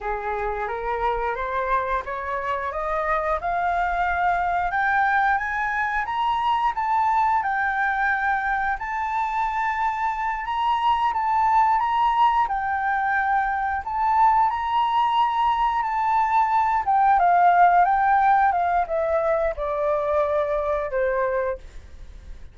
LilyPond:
\new Staff \with { instrumentName = "flute" } { \time 4/4 \tempo 4 = 89 gis'4 ais'4 c''4 cis''4 | dis''4 f''2 g''4 | gis''4 ais''4 a''4 g''4~ | g''4 a''2~ a''8 ais''8~ |
ais''8 a''4 ais''4 g''4.~ | g''8 a''4 ais''2 a''8~ | a''4 g''8 f''4 g''4 f''8 | e''4 d''2 c''4 | }